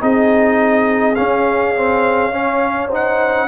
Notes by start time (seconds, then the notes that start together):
0.00 C4 D#4 G#4 D#5
1.15 C#4 F5
1.75 C4
2.31 C#4 C#5
2.88 D#4 C5
2.94 F#5